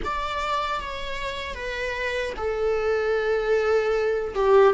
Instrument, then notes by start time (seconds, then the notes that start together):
viola
0.04 D5
0.80 C#5
1.54 B4
2.36 A4
4.34 G4